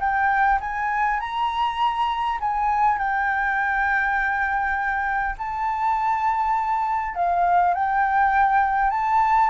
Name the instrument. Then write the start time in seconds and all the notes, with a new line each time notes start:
flute
0.00 G5
0.60 G#5
1.20 A#5
2.40 G#5
2.98 G5
5.38 A5
7.15 F5
7.74 G5
8.91 A5